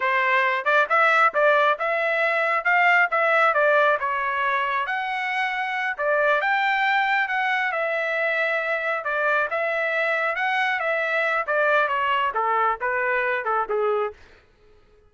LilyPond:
\new Staff \with { instrumentName = "trumpet" } { \time 4/4 \tempo 4 = 136 c''4. d''8 e''4 d''4 | e''2 f''4 e''4 | d''4 cis''2 fis''4~ | fis''4. d''4 g''4.~ |
g''8 fis''4 e''2~ e''8~ | e''8 d''4 e''2 fis''8~ | fis''8 e''4. d''4 cis''4 | a'4 b'4. a'8 gis'4 | }